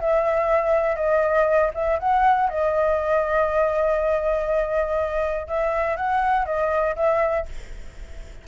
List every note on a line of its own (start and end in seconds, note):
0.00 0.96 E5
0.96 1.71 D#5
1.74 1.99 E5
2.00 2.50 F#5
2.50 5.48 D#5
5.48 5.97 E5
5.97 6.46 F#5
6.46 6.96 D#5
6.96 7.46 E5